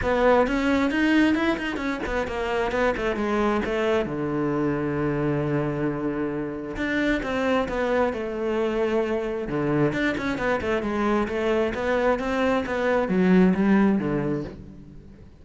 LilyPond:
\new Staff \with { instrumentName = "cello" } { \time 4/4 \tempo 4 = 133 b4 cis'4 dis'4 e'8 dis'8 | cis'8 b8 ais4 b8 a8 gis4 | a4 d2.~ | d2. d'4 |
c'4 b4 a2~ | a4 d4 d'8 cis'8 b8 a8 | gis4 a4 b4 c'4 | b4 fis4 g4 d4 | }